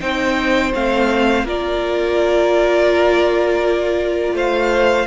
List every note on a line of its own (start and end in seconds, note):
0.00 0.73 C4
0.00 0.73 D#4
0.00 1.45 C5
0.00 0.72 G5
0.74 1.43 A3
0.74 1.45 C4
0.74 1.47 F5
1.43 4.33 A#3
1.43 5.06 F4
1.43 4.34 A#4
1.43 4.36 D5
4.33 5.06 A3
4.33 5.06 C5
4.33 5.06 F5